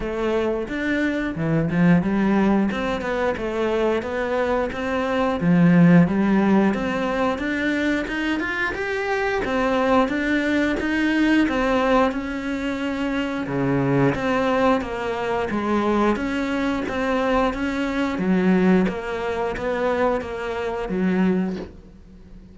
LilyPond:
\new Staff \with { instrumentName = "cello" } { \time 4/4 \tempo 4 = 89 a4 d'4 e8 f8 g4 | c'8 b8 a4 b4 c'4 | f4 g4 c'4 d'4 | dis'8 f'8 g'4 c'4 d'4 |
dis'4 c'4 cis'2 | cis4 c'4 ais4 gis4 | cis'4 c'4 cis'4 fis4 | ais4 b4 ais4 fis4 | }